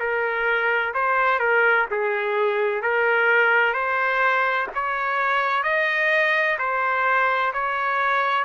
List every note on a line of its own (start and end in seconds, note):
0.00 0.94 A#4
0.94 1.40 C5
1.40 1.87 A#4
1.91 2.83 G#4
2.83 3.74 A#4
3.74 4.67 C5
4.75 5.64 C#5
5.64 6.58 D#5
6.59 7.53 C5
7.54 8.45 C#5